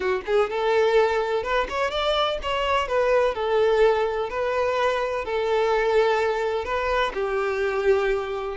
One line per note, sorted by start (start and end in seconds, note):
0.00 0.21 F#4
0.26 0.50 G#4
0.50 1.43 A4
1.43 1.67 B4
1.69 1.90 C#5
1.90 2.38 D5
2.42 2.88 C#5
2.88 3.34 B4
3.34 4.29 A4
4.29 5.24 B4
5.24 6.64 A4
6.64 7.12 B4
7.14 8.56 G4